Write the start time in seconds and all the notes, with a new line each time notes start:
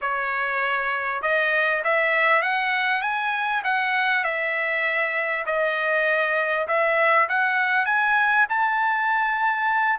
0.01 C#5
1.22 D#5
1.83 E5
2.42 F#5
3.01 G#5
3.64 F#5
4.24 E5
5.45 D#5
6.67 E5
7.28 F#5
7.85 G#5
8.49 A5